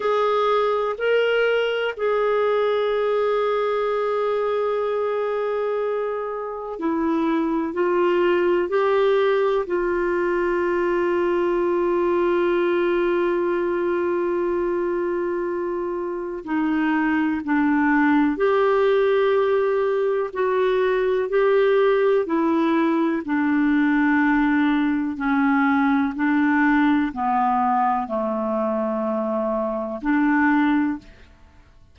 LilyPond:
\new Staff \with { instrumentName = "clarinet" } { \time 4/4 \tempo 4 = 62 gis'4 ais'4 gis'2~ | gis'2. e'4 | f'4 g'4 f'2~ | f'1~ |
f'4 dis'4 d'4 g'4~ | g'4 fis'4 g'4 e'4 | d'2 cis'4 d'4 | b4 a2 d'4 | }